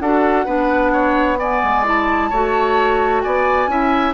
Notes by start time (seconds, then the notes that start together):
0.00 D4 F#4 A4 F#5
0.46 B3 D4 B4
0.93 C#5
1.39 B3 D5 G#5
1.63 G#3
1.85 E4 A5
2.30 A3 F#4 C#5
3.21 B3 D5 G#5
3.68 C#4 E4 E5